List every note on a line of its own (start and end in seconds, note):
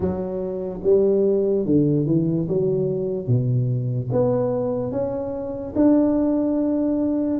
0.00 0.80 F#3
0.83 1.65 G3
1.65 2.06 D3
2.06 2.47 E3
2.48 3.27 F#3
3.27 4.09 B2
4.11 4.91 B3
4.91 5.73 C#4
5.75 7.40 D4